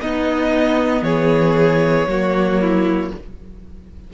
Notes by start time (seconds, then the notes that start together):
0.00 B3 D#4 D#5
1.02 E3 G#4 C#5
2.07 F#3 A#3 F#4
2.61 E4